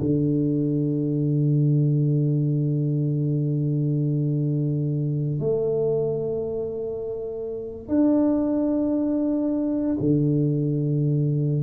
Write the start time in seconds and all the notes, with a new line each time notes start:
0.00 D3
5.40 A3
7.88 D4
10.00 D3